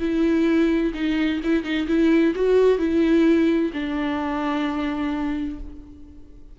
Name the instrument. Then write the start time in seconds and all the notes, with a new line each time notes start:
viola
0.00 E4
0.95 D#4
1.44 E4
1.64 D#4
1.88 E4
2.36 F#4
2.79 E4
3.74 D4